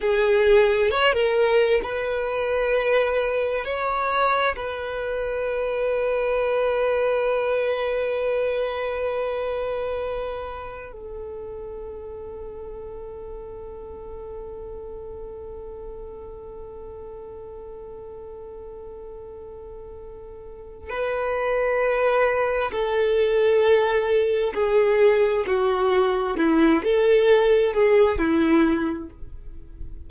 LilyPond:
\new Staff \with { instrumentName = "violin" } { \time 4/4 \tempo 4 = 66 gis'4 cis''16 ais'8. b'2 | cis''4 b'2.~ | b'1 | a'1~ |
a'1~ | a'2. b'4~ | b'4 a'2 gis'4 | fis'4 e'8 a'4 gis'8 e'4 | }